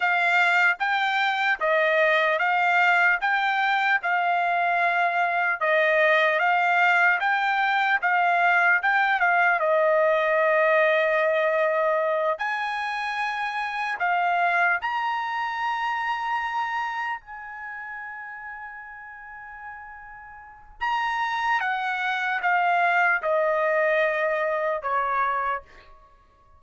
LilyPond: \new Staff \with { instrumentName = "trumpet" } { \time 4/4 \tempo 4 = 75 f''4 g''4 dis''4 f''4 | g''4 f''2 dis''4 | f''4 g''4 f''4 g''8 f''8 | dis''2.~ dis''8 gis''8~ |
gis''4. f''4 ais''4.~ | ais''4. gis''2~ gis''8~ | gis''2 ais''4 fis''4 | f''4 dis''2 cis''4 | }